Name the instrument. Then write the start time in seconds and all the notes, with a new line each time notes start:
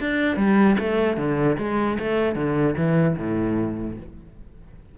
cello
0.00 D4
0.37 G3
0.79 A3
1.18 D3
1.59 G#3
1.99 A3
2.36 D3
2.77 E3
3.18 A2